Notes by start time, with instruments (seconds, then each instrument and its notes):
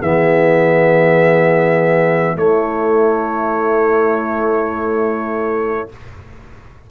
0.00 tuba E3, trombone B3, horn G#4, trumpet E5
2.36 tuba A3, trombone A3, horn E4, trumpet C#5